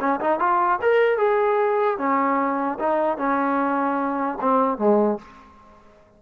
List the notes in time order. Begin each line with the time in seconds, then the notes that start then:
0.00 C#4
0.21 D#4
0.39 F4
0.82 A#4
1.18 G#4
1.98 C#4
2.79 D#4
3.18 C#4
4.41 C4
4.78 G#3